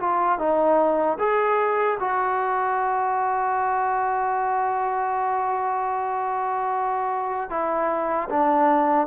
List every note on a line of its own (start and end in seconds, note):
0.00 0.39 F4
0.39 1.18 D#4
1.19 1.98 G#4
2.00 7.50 F#4
7.50 8.29 E4
8.30 9.07 D4